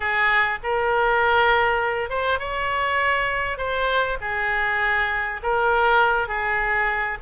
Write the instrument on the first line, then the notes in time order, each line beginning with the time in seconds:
oboe
0.00 G#4
0.63 A#4
2.09 C5
2.39 C#5
3.57 C5
4.20 G#4
5.42 A#4
6.28 G#4